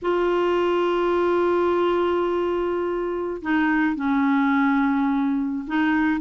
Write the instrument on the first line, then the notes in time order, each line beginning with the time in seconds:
clarinet
0.02 F4
3.41 D#4
3.95 C#4
5.67 D#4